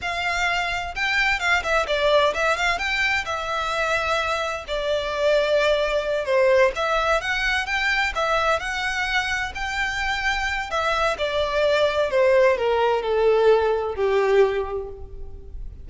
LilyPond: \new Staff \with { instrumentName = "violin" } { \time 4/4 \tempo 4 = 129 f''2 g''4 f''8 e''8 | d''4 e''8 f''8 g''4 e''4~ | e''2 d''2~ | d''4. c''4 e''4 fis''8~ |
fis''8 g''4 e''4 fis''4.~ | fis''8 g''2~ g''8 e''4 | d''2 c''4 ais'4 | a'2 g'2 | }